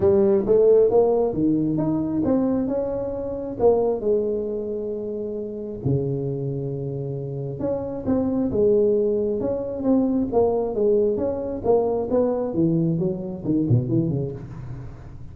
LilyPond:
\new Staff \with { instrumentName = "tuba" } { \time 4/4 \tempo 4 = 134 g4 a4 ais4 dis4 | dis'4 c'4 cis'2 | ais4 gis2.~ | gis4 cis2.~ |
cis4 cis'4 c'4 gis4~ | gis4 cis'4 c'4 ais4 | gis4 cis'4 ais4 b4 | e4 fis4 dis8 b,8 e8 cis8 | }